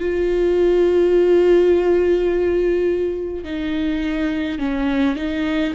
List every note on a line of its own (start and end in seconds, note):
0.00 3.45 F4
3.45 4.59 D#4
4.59 5.16 C#4
5.16 5.74 D#4